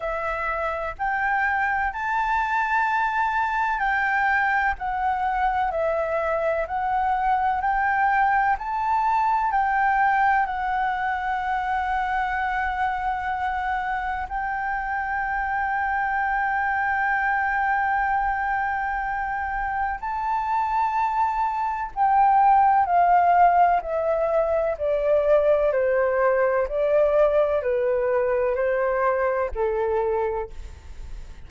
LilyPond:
\new Staff \with { instrumentName = "flute" } { \time 4/4 \tempo 4 = 63 e''4 g''4 a''2 | g''4 fis''4 e''4 fis''4 | g''4 a''4 g''4 fis''4~ | fis''2. g''4~ |
g''1~ | g''4 a''2 g''4 | f''4 e''4 d''4 c''4 | d''4 b'4 c''4 a'4 | }